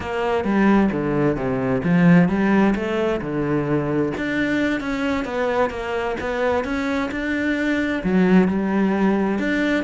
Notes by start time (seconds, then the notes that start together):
0.00 A#3
0.44 G3
0.92 D3
1.36 C3
1.83 F3
2.28 G3
2.75 A3
3.21 D3
4.17 D4
4.80 C#4
5.24 B3
5.70 A#3
6.20 B3
6.64 C#4
7.11 D4
8.03 F#3
8.48 G3
9.38 D4